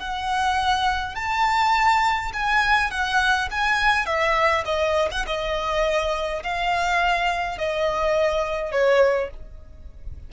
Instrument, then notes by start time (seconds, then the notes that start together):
violin
0.00 F#5
1.16 A5
2.34 G#5
2.91 F#5
3.51 G#5
4.06 E5
4.65 D#5
5.12 F#5
5.27 D#5
6.43 F5
7.58 D#5
8.72 C#5